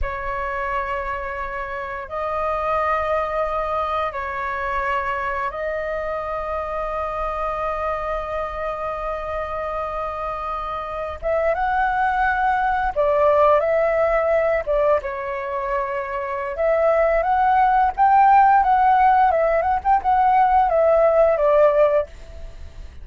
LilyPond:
\new Staff \with { instrumentName = "flute" } { \time 4/4 \tempo 4 = 87 cis''2. dis''4~ | dis''2 cis''2 | dis''1~ | dis''1~ |
dis''16 e''8 fis''2 d''4 e''16~ | e''4~ e''16 d''8 cis''2~ cis''16 | e''4 fis''4 g''4 fis''4 | e''8 fis''16 g''16 fis''4 e''4 d''4 | }